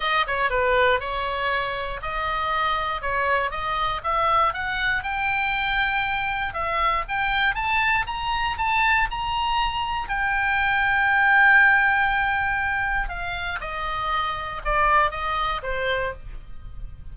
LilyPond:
\new Staff \with { instrumentName = "oboe" } { \time 4/4 \tempo 4 = 119 dis''8 cis''8 b'4 cis''2 | dis''2 cis''4 dis''4 | e''4 fis''4 g''2~ | g''4 e''4 g''4 a''4 |
ais''4 a''4 ais''2 | g''1~ | g''2 f''4 dis''4~ | dis''4 d''4 dis''4 c''4 | }